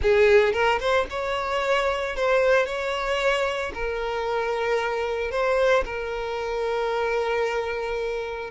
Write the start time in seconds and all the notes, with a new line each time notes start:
0.01 G#4
0.52 A#4
0.80 C5
1.10 C#5
2.16 C5
2.65 C#5
3.74 A#4
5.31 C5
5.84 A#4